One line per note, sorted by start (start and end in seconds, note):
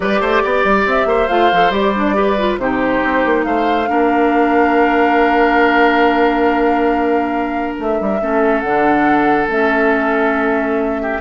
0.00 0.20 G3
0.00 1.29 G4
0.00 0.21 B4
0.00 0.85 D5
0.20 0.42 A3
0.20 0.42 C5
0.43 0.64 B3
0.43 1.08 D5
0.64 0.86 G3
0.86 1.05 C4
0.86 1.28 E5
1.05 1.27 A#3
1.05 2.16 C5
1.28 1.51 A3
1.28 1.51 F4
1.28 1.70 F5
1.52 1.70 F3
1.52 1.71 A4
1.70 2.56 G3
1.70 1.93 G4
1.70 2.57 D5
1.95 2.14 D4
2.14 2.35 G4
2.14 2.59 B4
2.38 2.59 F4
2.57 3.00 C3
2.57 3.85 D#4
2.57 3.46 G4
2.57 3.43 C5
3.03 3.25 C4
3.25 3.45 A#3
3.43 3.88 A3
3.43 3.89 C5
3.43 7.74 F5
3.85 7.78 A#3
3.85 8.17 D4
3.85 8.20 A#4
7.78 7.99 A3
7.78 8.60 E5
8.00 8.21 G3
8.21 8.62 A3
8.21 8.64 C#4
8.21 11.02 A4
8.60 9.47 D3
8.60 9.49 D4
8.60 9.46 F#5
9.47 11.19 A3
9.47 11.20 C#4
9.47 11.20 E5
11.02 11.20 G4